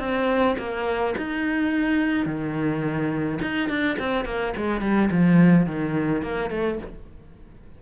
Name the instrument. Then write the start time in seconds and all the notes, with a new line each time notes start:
cello
0.00 C4
0.59 A#3
1.18 D#4
2.26 D#3
3.42 D#4
3.69 D4
3.99 C4
4.25 A#3
4.57 G#3
4.81 G3
5.11 F3
5.66 D#3
6.23 A#3
6.51 A3